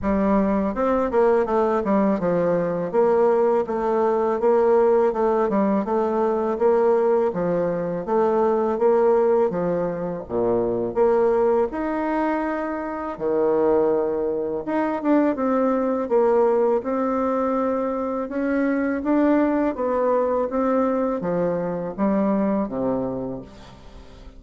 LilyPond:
\new Staff \with { instrumentName = "bassoon" } { \time 4/4 \tempo 4 = 82 g4 c'8 ais8 a8 g8 f4 | ais4 a4 ais4 a8 g8 | a4 ais4 f4 a4 | ais4 f4 ais,4 ais4 |
dis'2 dis2 | dis'8 d'8 c'4 ais4 c'4~ | c'4 cis'4 d'4 b4 | c'4 f4 g4 c4 | }